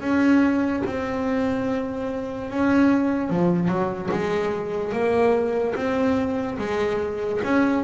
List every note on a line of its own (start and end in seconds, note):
0.00 0.82 C#4
0.86 2.50 C4
2.50 3.30 C#4
3.30 3.68 F3
3.68 4.09 F#3
4.10 4.92 G#3
4.92 5.74 A#3
5.75 6.57 C4
6.58 7.40 G#3
7.43 7.84 C#4